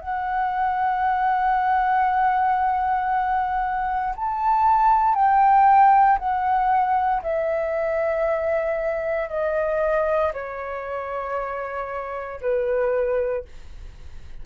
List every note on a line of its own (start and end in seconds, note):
0.00 4.14 F#5
4.16 5.14 A5
5.14 6.18 G5
6.18 7.22 F#5
7.22 9.29 E5
9.29 10.32 D#5
10.33 12.40 C#5
12.41 13.44 B4